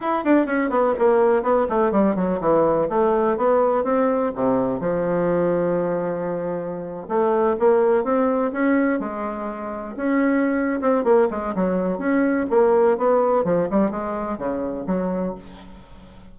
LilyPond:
\new Staff \with { instrumentName = "bassoon" } { \time 4/4 \tempo 4 = 125 e'8 d'8 cis'8 b8 ais4 b8 a8 | g8 fis8 e4 a4 b4 | c'4 c4 f2~ | f2~ f8. a4 ais16~ |
ais8. c'4 cis'4 gis4~ gis16~ | gis8. cis'4.~ cis'16 c'8 ais8 gis8 | fis4 cis'4 ais4 b4 | f8 g8 gis4 cis4 fis4 | }